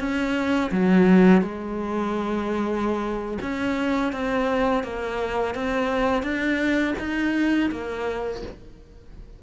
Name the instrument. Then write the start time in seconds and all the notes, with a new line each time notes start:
cello
0.00 C#4
0.72 F#3
1.42 G#3
3.42 C#4
4.13 C4
4.84 A#3
5.56 C4
6.23 D4
6.99 D#4
7.71 A#3